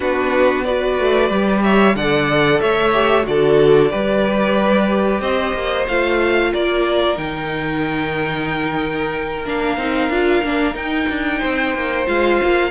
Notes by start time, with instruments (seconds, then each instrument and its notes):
0.00 cello B3, viola D4, violin F#4 B4
0.64 viola F#4, violin B4 D5
0.99 cello A3
1.30 cello G3, viola G4
1.63 violin C#5 E5
1.95 cello D3, viola A4, violin D5 F#5
2.60 cello A3, violin C#5 E5
2.93 viola G4
3.23 cello D3, viola F#4, violin A4 D5
3.90 cello G3, viola G4, violin B4
5.20 cello C4, violin C5 D#5
5.53 cello A#3
5.87 cello A3, viola F4, violin F5
6.52 cello A#3, violin A#4 D5
7.15 cello D#3, viola D#4, violin G5
9.45 cello A#3, viola D4, violin F5
9.77 cello C4, viola D#4
10.09 cello D4, viola F4
10.43 cello A#3, viola D4
10.73 viola D#4, cello D#4, violin G5
11.09 cello D4
11.39 cello C4, violin C5
11.74 cello A#3
12.06 cello G#3, viola F4, violin F5
12.43 cello A#3